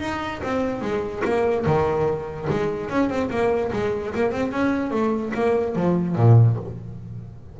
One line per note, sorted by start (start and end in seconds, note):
0.00 0.41 D#4
0.43 0.81 C4
0.81 1.22 G#3
1.24 1.65 A#3
1.66 2.48 D#3
2.50 2.90 G#3
2.90 3.09 C#4
3.09 3.30 C4
3.30 3.71 A#3
3.72 4.14 G#3
4.15 4.31 A#3
4.31 4.52 C4
4.52 4.91 C#4
4.91 5.32 A3
5.34 5.75 A#3
5.75 6.16 F3
6.16 6.57 A#2